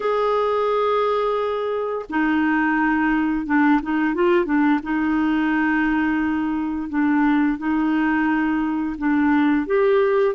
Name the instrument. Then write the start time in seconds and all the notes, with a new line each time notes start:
clarinet
0.00 G#4
2.09 D#4
3.45 D4
3.82 D#4
4.14 F4
4.45 D4
4.82 D#4
6.89 D4
7.58 D#4
8.97 D4
9.66 G4